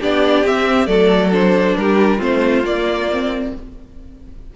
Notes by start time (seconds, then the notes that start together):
0.00 B3 D4 G4 D5
0.44 C4 E5
0.86 F#3 A3 A4 D5
1.32 D4 C5
1.77 G3 G4 A#4
2.17 A3 C4 F4 C5
2.63 A#3 D5
3.11 C4